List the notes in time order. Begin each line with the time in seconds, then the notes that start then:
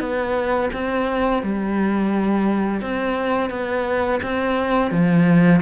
0.00 B3
0.73 C4
1.43 G3
2.81 C4
3.50 B3
4.23 C4
4.92 F3